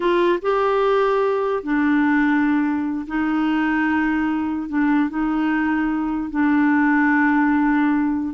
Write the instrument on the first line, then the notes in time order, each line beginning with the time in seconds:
clarinet
0.00 F4
0.41 G4
1.63 D4
3.07 D#4
4.68 D4
5.09 D#4
6.30 D4